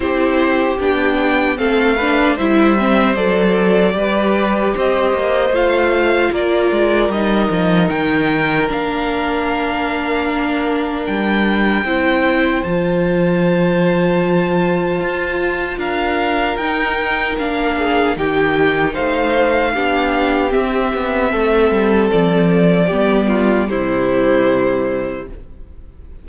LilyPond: <<
  \new Staff \with { instrumentName = "violin" } { \time 4/4 \tempo 4 = 76 c''4 g''4 f''4 e''4 | d''2 dis''4 f''4 | d''4 dis''4 g''4 f''4~ | f''2 g''2 |
a''1 | f''4 g''4 f''4 g''4 | f''2 e''2 | d''2 c''2 | }
  \new Staff \with { instrumentName = "violin" } { \time 4/4 g'2 a'8 b'8 c''4~ | c''4 b'4 c''2 | ais'1~ | ais'2. c''4~ |
c''1 | ais'2~ ais'8 gis'8 g'4 | c''4 g'2 a'4~ | a'4 g'8 f'8 e'2 | }
  \new Staff \with { instrumentName = "viola" } { \time 4/4 e'4 d'4 c'8 d'8 e'8 c'8 | a'4 g'2 f'4~ | f'4 dis'2 d'4~ | d'2. e'4 |
f'1~ | f'4 dis'4 d'4 dis'4~ | dis'4 d'4 c'2~ | c'4 b4 g2 | }
  \new Staff \with { instrumentName = "cello" } { \time 4/4 c'4 b4 a4 g4 | fis4 g4 c'8 ais8 a4 | ais8 gis8 g8 f8 dis4 ais4~ | ais2 g4 c'4 |
f2. f'4 | d'4 dis'4 ais4 dis4 | a4 b4 c'8 b8 a8 g8 | f4 g4 c2 | }
>>